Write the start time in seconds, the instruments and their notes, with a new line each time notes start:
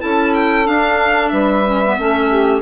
0.00 bassoon C#4, clarinet E4, saxophone A4, violin A5
0.34 violin G5
0.65 clarinet D4, bassoon D4, violin F5
1.28 bassoon G3, saxophone B4, violin E5
1.66 clarinet C#4
1.85 clarinet B3
1.98 bassoon A3, clarinet C#4, saxophone A4
2.29 saxophone G4